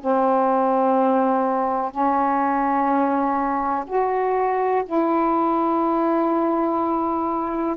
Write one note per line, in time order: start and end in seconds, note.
0.00 1.91 C4
1.91 3.84 C#4
3.87 4.83 F#4
4.85 7.76 E4